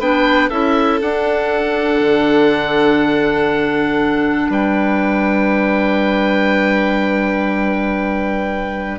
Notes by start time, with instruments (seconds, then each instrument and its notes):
0.00 bassoon B3, clarinet D4, violin B4, oboe G5
0.50 bassoon C#4, clarinet E4, violin A4, oboe E5
1.02 bassoon D4, clarinet D4, oboe F#5
2.01 bassoon D3
4.50 bassoon G3, violin B4, oboe G5